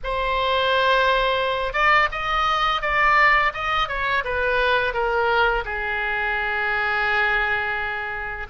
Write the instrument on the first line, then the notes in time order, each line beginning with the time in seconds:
oboe
0.03 C5
1.73 D5
2.11 D#5
2.81 D5
3.53 D#5
3.88 C#5
4.24 B4
4.93 A#4
5.65 G#4